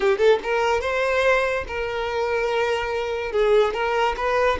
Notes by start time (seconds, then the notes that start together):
0.00 G4
0.18 A4
0.43 A#4
0.80 C5
1.67 A#4
3.32 G#4
3.73 A#4
4.16 B4